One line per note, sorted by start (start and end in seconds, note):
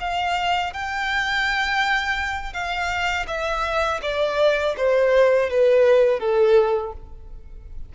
0.00 0.73 F5
0.73 2.53 G5
2.53 3.26 F5
3.27 4.00 E5
4.02 4.75 D5
4.77 5.50 C5
5.50 6.20 B4
6.20 6.93 A4